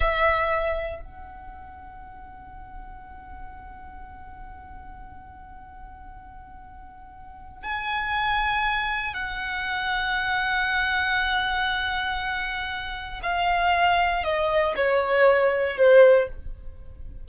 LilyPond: \new Staff \with { instrumentName = "violin" } { \time 4/4 \tempo 4 = 118 e''2 fis''2~ | fis''1~ | fis''1~ | fis''2. gis''4~ |
gis''2 fis''2~ | fis''1~ | fis''2 f''2 | dis''4 cis''2 c''4 | }